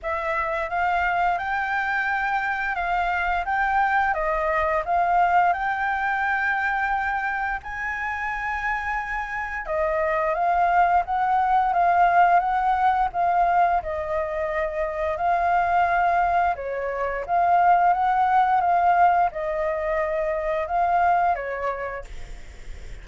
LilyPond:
\new Staff \with { instrumentName = "flute" } { \time 4/4 \tempo 4 = 87 e''4 f''4 g''2 | f''4 g''4 dis''4 f''4 | g''2. gis''4~ | gis''2 dis''4 f''4 |
fis''4 f''4 fis''4 f''4 | dis''2 f''2 | cis''4 f''4 fis''4 f''4 | dis''2 f''4 cis''4 | }